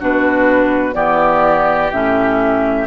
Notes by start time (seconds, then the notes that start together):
0.00 B2 D4 F#4 B4
0.93 E3 B3 G4 D5
1.92 A2 C#4 E5